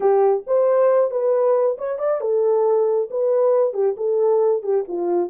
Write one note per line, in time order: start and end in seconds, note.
0.00 0.44 G4
0.46 1.10 C5
1.10 1.76 B4
1.78 1.99 C#5
1.99 2.21 D5
2.21 3.09 A4
3.10 3.73 B4
3.73 3.95 G4
3.96 4.62 A4
4.62 4.84 G4
4.87 5.30 F4